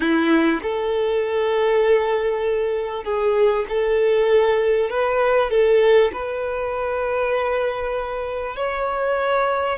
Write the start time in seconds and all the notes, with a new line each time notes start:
0.00 E4
0.62 A4
3.04 G#4
3.68 A4
4.90 B4
5.50 A4
6.13 B4
8.55 C#5